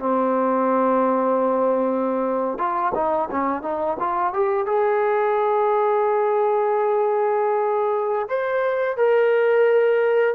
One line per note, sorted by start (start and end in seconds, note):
0.00 2.59 C4
2.59 2.93 F4
2.95 3.29 D#4
3.32 3.63 C#4
3.63 3.97 D#4
4.00 4.34 F4
4.34 4.67 G4
4.67 8.29 G#4
8.29 8.97 C5
8.97 10.35 A#4